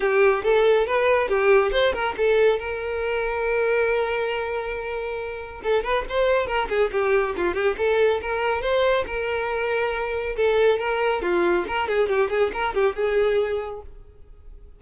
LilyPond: \new Staff \with { instrumentName = "violin" } { \time 4/4 \tempo 4 = 139 g'4 a'4 b'4 g'4 | c''8 ais'8 a'4 ais'2~ | ais'1~ | ais'4 a'8 b'8 c''4 ais'8 gis'8 |
g'4 f'8 g'8 a'4 ais'4 | c''4 ais'2. | a'4 ais'4 f'4 ais'8 gis'8 | g'8 gis'8 ais'8 g'8 gis'2 | }